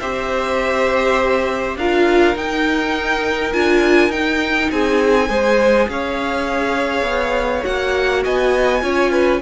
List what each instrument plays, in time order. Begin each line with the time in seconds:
0.00 cello C4, viola G4, violin C5 E5
1.76 cello D4, viola F4, violin A#4 F5
2.34 viola D#4, cello D#4, violin G5
3.53 cello D4, viola F4, violin G#5
4.09 cello D#4, viola D#4, violin G5
4.71 cello C4, violin G#4 G#5
5.29 cello G#3, viola G#4, violin C5
5.88 cello C#4, violin C#5 F5
7.02 cello B3
7.63 cello A#3, viola F#4, violin F#5
8.24 cello B3, violin D#5 G#5
8.81 cello C#4, viola F4, violin C#5
9.11 violin B4